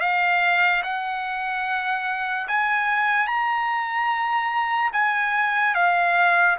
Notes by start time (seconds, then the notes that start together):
0.00 F5
0.83 F#5
2.48 G#5
3.27 A#5
4.92 G#5
5.74 F5